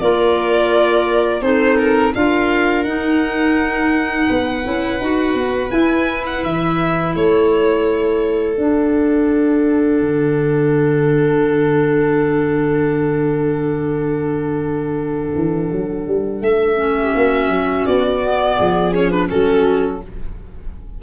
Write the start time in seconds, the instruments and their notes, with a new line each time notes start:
0.00 tuba A#3, clarinet F4, viola A#4, violin D5
1.41 tuba C4, clarinet D#4, viola A4, violin C5
1.78 violin A#4
2.15 tuba D4, clarinet F4, viola A#4, violin F5
2.83 tuba D#4, clarinet D#4, violin F#5
4.27 tuba B3, viola B4
4.63 tuba C#4, clarinet E4
5.00 tuba D#4, clarinet F#4
5.34 tuba B3
5.70 clarinet E4, tuba E4, violin G#5
6.26 violin F#5
6.43 tuba E3, violin E5
7.15 tuba A3, viola A4, violin C#5
8.57 clarinet D4, tuba D4, violin F#5
10.00 tuba D3
15.35 tuba E3
15.72 tuba F#3
16.06 tuba G3
16.40 tuba A3, violin E5
16.76 clarinet C#4
16.98 viola G4
17.15 tuba A#3, viola F#4
17.48 tuba F#3
17.86 tuba B3, violin D5
18.22 clarinet B3
18.56 tuba F3, viola G#4
18.92 clarinet C#4, violin C#5
19.10 clarinet D4, violin B4
19.27 tuba F#3, clarinet C#4, viola F#4, violin A4